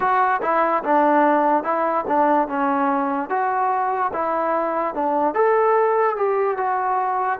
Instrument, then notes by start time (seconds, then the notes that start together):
trombone
0.00 F#4
0.42 E4
0.83 D4
1.63 E4
2.07 D4
2.48 C#4
3.29 F#4
4.13 E4
4.94 D4
5.34 A4
6.16 G4
6.57 F#4